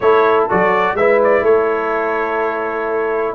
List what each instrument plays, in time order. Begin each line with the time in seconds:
0.00 tuba A3, trombone E4, horn A4, trumpet C#5
0.49 tuba F#3, trombone F#4, trumpet D5
0.94 tuba G#3, trombone E4, horn B4, trumpet E5
1.23 trumpet D5
1.42 tuba A3, horn A4, trumpet C#5